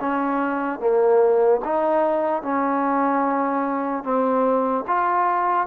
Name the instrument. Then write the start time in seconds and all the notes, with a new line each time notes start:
trombone
0.00 C#4
0.80 A#3
1.65 D#4
2.43 C#4
4.04 C4
4.88 F4